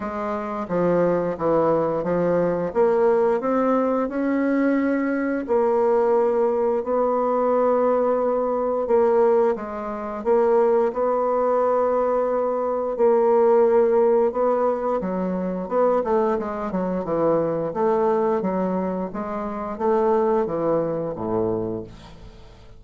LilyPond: \new Staff \with { instrumentName = "bassoon" } { \time 4/4 \tempo 4 = 88 gis4 f4 e4 f4 | ais4 c'4 cis'2 | ais2 b2~ | b4 ais4 gis4 ais4 |
b2. ais4~ | ais4 b4 fis4 b8 a8 | gis8 fis8 e4 a4 fis4 | gis4 a4 e4 a,4 | }